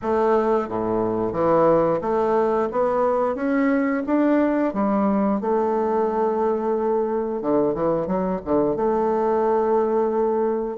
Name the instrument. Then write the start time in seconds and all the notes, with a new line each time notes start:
bassoon
0.02 A3
0.68 A2
1.32 E3
2.01 A3
2.71 B3
3.35 C#4
4.06 D4
4.73 G3
5.40 A3
7.41 D3
7.74 E3
8.07 F#3
8.44 D3
8.76 A3